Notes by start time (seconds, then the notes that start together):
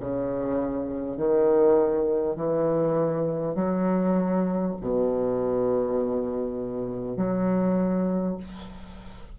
0.00 C#3
1.17 D#3
2.36 E3
3.55 F#3
4.81 B2
7.16 F#3